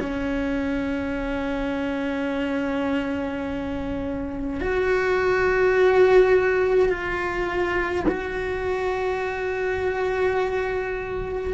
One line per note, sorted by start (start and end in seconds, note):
0.00 4.60 C#4
4.60 6.90 F#4
6.90 8.05 F4
8.08 11.54 F#4